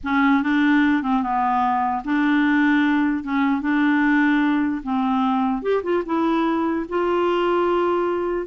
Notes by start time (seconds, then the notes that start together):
0.03 C#4
0.42 D4
1.02 C4
1.22 B3
2.04 D4
3.23 C#4
3.61 D4
4.83 C4
5.62 G4
5.83 F4
6.05 E4
6.89 F4